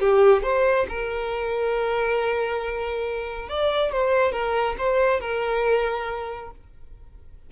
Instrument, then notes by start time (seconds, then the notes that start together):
violin
0.00 G4
0.43 C5
0.89 A#4
3.49 D5
3.92 C5
4.32 A#4
4.78 C5
5.20 A#4